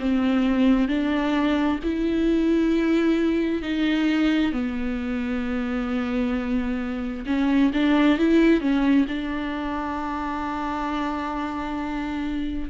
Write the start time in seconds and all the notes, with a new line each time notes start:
0.00 C4
0.88 D4
1.84 E4
3.63 D#4
4.53 B3
7.26 C#4
7.74 D4
8.19 E4
8.61 C#4
9.09 D4